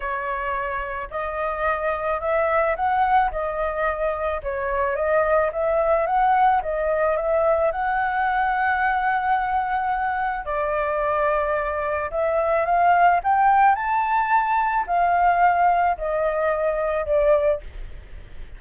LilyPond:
\new Staff \with { instrumentName = "flute" } { \time 4/4 \tempo 4 = 109 cis''2 dis''2 | e''4 fis''4 dis''2 | cis''4 dis''4 e''4 fis''4 | dis''4 e''4 fis''2~ |
fis''2. d''4~ | d''2 e''4 f''4 | g''4 a''2 f''4~ | f''4 dis''2 d''4 | }